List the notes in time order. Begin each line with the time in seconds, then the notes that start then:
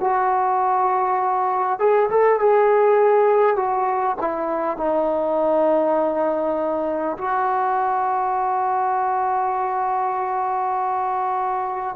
0.00 F#4
1.79 G#4
2.10 A4
2.39 G#4
3.56 F#4
4.21 E4
4.77 D#4
7.18 F#4